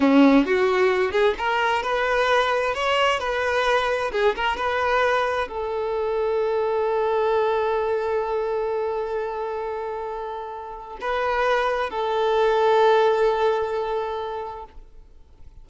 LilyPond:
\new Staff \with { instrumentName = "violin" } { \time 4/4 \tempo 4 = 131 cis'4 fis'4. gis'8 ais'4 | b'2 cis''4 b'4~ | b'4 gis'8 ais'8 b'2 | a'1~ |
a'1~ | a'1 | b'2 a'2~ | a'1 | }